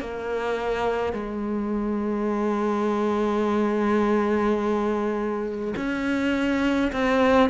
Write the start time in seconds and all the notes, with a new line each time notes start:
0.00 A#3
1.13 G#3
5.76 C#4
6.92 C4